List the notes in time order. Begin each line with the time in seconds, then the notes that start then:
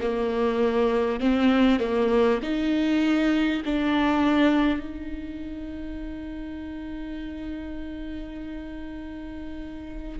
0.00 A#3
1.19 C4
1.79 A#3
2.42 D#4
3.65 D4
4.79 D#4